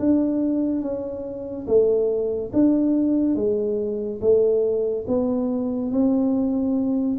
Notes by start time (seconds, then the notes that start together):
0.00 D4
0.82 C#4
1.67 A3
2.54 D4
3.36 G#3
4.21 A3
5.08 B3
5.92 C4